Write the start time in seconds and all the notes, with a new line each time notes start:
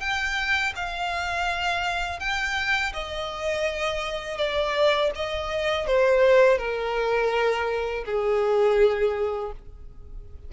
0.00 G5
0.75 F5
2.20 G5
2.93 D#5
4.37 D5
5.15 D#5
5.87 C5
6.58 A#4
8.05 G#4